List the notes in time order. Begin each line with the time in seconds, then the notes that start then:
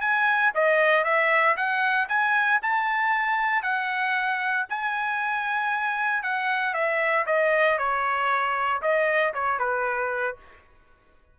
0.00 G#5
0.54 D#5
1.04 E5
1.56 F#5
2.08 G#5
2.62 A5
3.62 F#5
4.69 G#5
6.23 F#5
6.73 E5
7.26 D#5
7.78 C#5
8.81 D#5
9.33 C#5
9.59 B4